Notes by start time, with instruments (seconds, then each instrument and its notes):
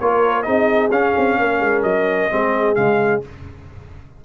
0.00 tuba A#3, trombone F4, horn A#4, trumpet C#5
0.43 tuba C4, trombone D#4, horn G#4, trumpet D#5
0.91 tuba C#4, trombone C#4, trumpet F5
1.17 tuba C4
1.39 tuba A#3, horn A#4
1.60 tuba G#3
1.83 tuba F#3, trumpet D#5
2.30 tuba G#3, trombone C4, horn G#4
2.75 tuba C#3, trombone G#3, trumpet F5